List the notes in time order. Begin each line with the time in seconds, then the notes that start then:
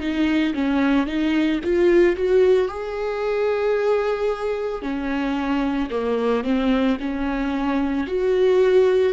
0.00 D#4
0.54 C#4
1.07 D#4
1.64 F4
2.16 F#4
2.68 G#4
4.82 C#4
5.90 A#3
6.44 C4
7.00 C#4
8.07 F#4